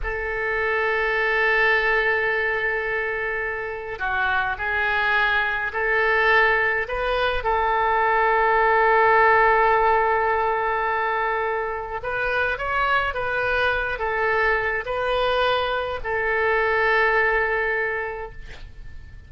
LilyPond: \new Staff \with { instrumentName = "oboe" } { \time 4/4 \tempo 4 = 105 a'1~ | a'2. fis'4 | gis'2 a'2 | b'4 a'2.~ |
a'1~ | a'4 b'4 cis''4 b'4~ | b'8 a'4. b'2 | a'1 | }